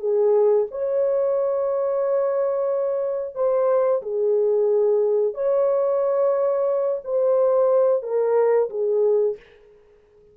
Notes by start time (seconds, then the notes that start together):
0.00 G#4
0.71 C#5
3.35 C5
4.02 G#4
5.35 C#5
7.05 C5
8.03 A#4
8.70 G#4